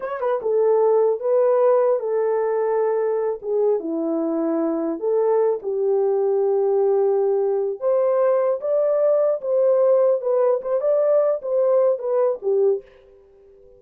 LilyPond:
\new Staff \with { instrumentName = "horn" } { \time 4/4 \tempo 4 = 150 cis''8 b'8 a'2 b'4~ | b'4 a'2.~ | a'8 gis'4 e'2~ e'8~ | e'8 a'4. g'2~ |
g'2.~ g'8 c''8~ | c''4. d''2 c''8~ | c''4. b'4 c''8 d''4~ | d''8 c''4. b'4 g'4 | }